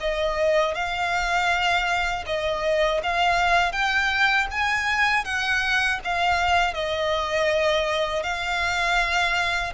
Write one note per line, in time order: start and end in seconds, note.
0.00 0.74 D#5
0.74 2.24 F5
2.26 3.01 D#5
3.03 3.72 F5
3.72 4.47 G5
4.50 5.24 G#5
5.24 5.99 F#5
6.04 6.73 F5
6.73 8.23 D#5
8.23 9.73 F5